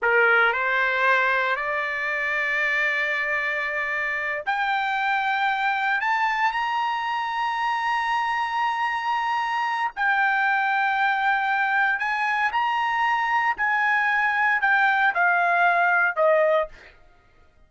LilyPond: \new Staff \with { instrumentName = "trumpet" } { \time 4/4 \tempo 4 = 115 ais'4 c''2 d''4~ | d''1~ | d''8 g''2. a''8~ | a''8 ais''2.~ ais''8~ |
ais''2. g''4~ | g''2. gis''4 | ais''2 gis''2 | g''4 f''2 dis''4 | }